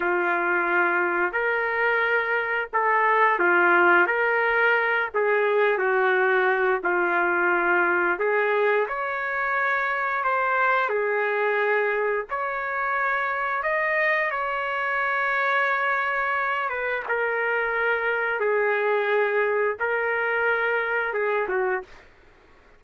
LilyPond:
\new Staff \with { instrumentName = "trumpet" } { \time 4/4 \tempo 4 = 88 f'2 ais'2 | a'4 f'4 ais'4. gis'8~ | gis'8 fis'4. f'2 | gis'4 cis''2 c''4 |
gis'2 cis''2 | dis''4 cis''2.~ | cis''8 b'8 ais'2 gis'4~ | gis'4 ais'2 gis'8 fis'8 | }